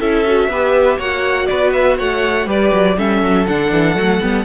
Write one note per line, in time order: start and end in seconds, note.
0.00 0.49 C#4
0.00 0.26 E4
0.00 0.50 A4
0.00 0.99 E5
0.26 0.51 F#4
0.49 0.98 B3
0.49 1.00 G4
0.49 0.98 B4
0.98 1.48 A#3
0.98 2.47 F#4
0.98 1.47 C#5
0.98 1.46 F#5
1.46 1.99 B3
1.46 1.97 B4
1.46 1.71 D5
1.73 1.98 E5
1.97 2.47 A3
1.97 2.47 C#5
1.97 2.49 F#5
2.47 2.72 G3
2.47 2.96 G4
2.47 2.96 B4
2.47 2.99 D5
2.73 2.97 F#3
2.97 3.23 G3
2.97 3.46 C#4
2.97 4.45 A4
2.97 3.46 E5
3.23 3.47 F#3
3.46 3.72 D3
3.46 3.96 D4
3.46 4.45 F#5
3.72 3.95 E3
3.95 4.20 F#3
3.95 4.21 A3
4.21 4.45 G3
4.21 4.45 B3